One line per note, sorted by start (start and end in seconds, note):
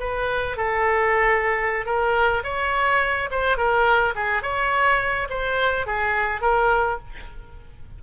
0.00 0.57 B4
0.57 1.86 A4
1.86 2.43 A#4
2.44 3.30 C#5
3.31 3.57 C5
3.57 4.15 A#4
4.15 4.43 G#4
4.43 5.28 C#5
5.30 5.87 C5
5.87 6.41 G#4
6.41 6.98 A#4